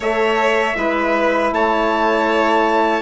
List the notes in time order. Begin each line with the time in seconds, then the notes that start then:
0.00 A3 A4 C#5 E5
0.75 G#3 E4 B4
1.51 A3 C#5 A5